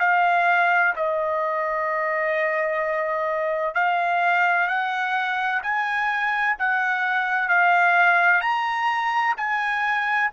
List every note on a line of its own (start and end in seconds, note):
0.00 0.94 F5
0.96 3.75 D#5
3.75 4.68 F5
4.68 5.62 F#5
5.62 6.56 G#5
6.59 7.49 F#5
7.49 8.41 F5
8.41 9.35 A#5
9.37 10.31 G#5